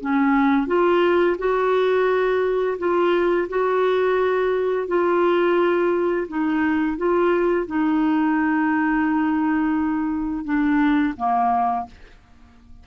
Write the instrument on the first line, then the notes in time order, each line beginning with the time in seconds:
clarinet
0.00 C#4
0.67 F4
1.38 F#4
2.78 F4
3.49 F#4
4.87 F4
6.28 D#4
6.97 F4
7.66 D#4
10.44 D4
11.17 A#3